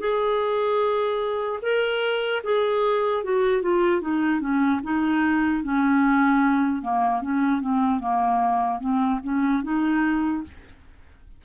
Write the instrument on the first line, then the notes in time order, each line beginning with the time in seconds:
clarinet
0.00 G#4
1.62 A#4
2.44 G#4
3.24 F#4
3.62 F4
4.01 D#4
4.40 C#4
4.84 D#4
5.63 C#4
6.82 A#3
7.22 C#4
7.61 C4
8.00 A#3
8.80 C4
9.24 C#4
9.63 D#4